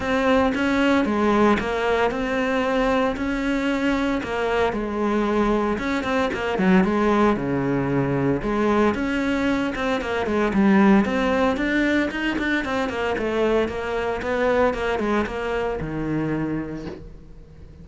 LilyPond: \new Staff \with { instrumentName = "cello" } { \time 4/4 \tempo 4 = 114 c'4 cis'4 gis4 ais4 | c'2 cis'2 | ais4 gis2 cis'8 c'8 | ais8 fis8 gis4 cis2 |
gis4 cis'4. c'8 ais8 gis8 | g4 c'4 d'4 dis'8 d'8 | c'8 ais8 a4 ais4 b4 | ais8 gis8 ais4 dis2 | }